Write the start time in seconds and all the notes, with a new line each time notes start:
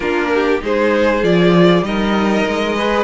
0.00 A#3 D4 F4 A#4
0.34 G4
0.60 G#3 D#4 G#4 C5
1.23 F3 F4 D5
1.82 G3 D#4 A#4 D#5
2.46 G#3
2.76 G#4 B4